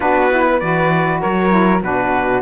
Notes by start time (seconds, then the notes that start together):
0.00 B3 D4 F#4 B4
0.29 E4
0.45 B4
0.60 E3 F#4 D5
1.21 F#3 A#4 C#5
1.48 E4
1.82 B2 D4 F#4 B4